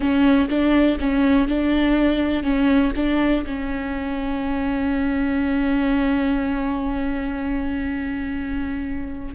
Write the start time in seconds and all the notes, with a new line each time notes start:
0.00 C#4
0.49 D4
1.00 C#4
1.48 D4
2.43 C#4
2.96 D4
3.46 C#4